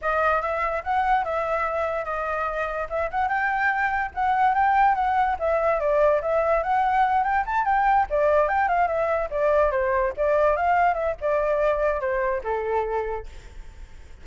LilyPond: \new Staff \with { instrumentName = "flute" } { \time 4/4 \tempo 4 = 145 dis''4 e''4 fis''4 e''4~ | e''4 dis''2 e''8 fis''8 | g''2 fis''4 g''4 | fis''4 e''4 d''4 e''4 |
fis''4. g''8 a''8 g''4 d''8~ | d''8 g''8 f''8 e''4 d''4 c''8~ | c''8 d''4 f''4 e''8 d''4~ | d''4 c''4 a'2 | }